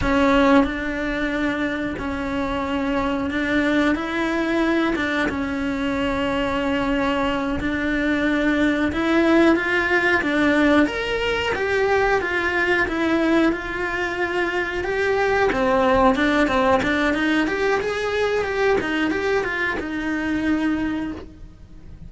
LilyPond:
\new Staff \with { instrumentName = "cello" } { \time 4/4 \tempo 4 = 91 cis'4 d'2 cis'4~ | cis'4 d'4 e'4. d'8 | cis'2.~ cis'8 d'8~ | d'4. e'4 f'4 d'8~ |
d'8 ais'4 g'4 f'4 e'8~ | e'8 f'2 g'4 c'8~ | c'8 d'8 c'8 d'8 dis'8 g'8 gis'4 | g'8 dis'8 g'8 f'8 dis'2 | }